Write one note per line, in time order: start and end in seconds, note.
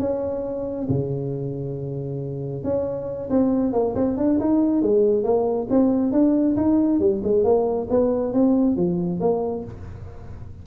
0.00 0.88 C#4
0.89 2.64 C#3
2.64 3.29 C#4
3.30 3.73 C4
3.73 3.95 A#3
3.95 4.17 C4
4.17 4.39 D4
4.40 4.82 D#4
4.82 5.24 G#3
5.24 5.68 A#3
5.70 6.12 C4
6.12 6.56 D4
6.57 7.00 D#4
7.00 7.22 G3
7.24 7.44 G#3
7.44 7.88 A#3
7.90 8.34 B3
8.34 8.77 C4
8.77 9.20 F3
9.20 9.64 A#3